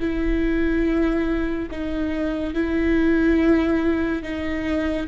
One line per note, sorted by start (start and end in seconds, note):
0.00 1.69 E4
1.71 2.54 D#4
2.54 4.23 E4
4.23 5.07 D#4